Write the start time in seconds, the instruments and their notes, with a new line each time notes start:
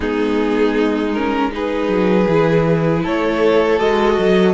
0.00 cello G#3, viola B3, violin D#4 G#4
1.13 viola C#4, violin A#4
1.51 viola D#4, violin G#4 B4
1.88 cello F#3
2.27 cello E3, viola E4
3.02 cello A3, violin A4 C#5
3.78 cello G#3, viola F#4, violin D#5
4.18 cello F#3